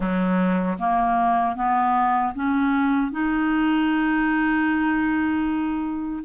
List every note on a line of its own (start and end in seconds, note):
0.00 0.78 F#3
0.79 1.55 A#3
1.55 2.33 B3
2.34 3.11 C#4
3.11 6.23 D#4